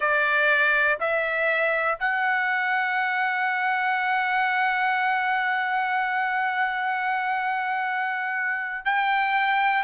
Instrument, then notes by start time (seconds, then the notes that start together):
trumpet
0.00 D5
1.00 E5
1.99 F#5
8.85 G5